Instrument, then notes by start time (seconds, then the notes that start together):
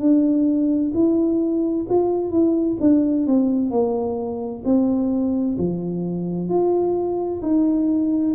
tuba
0.00 D4
0.94 E4
1.89 F4
2.31 E4
2.81 D4
3.27 C4
3.71 A#3
4.65 C4
5.58 F3
6.49 F4
7.42 D#4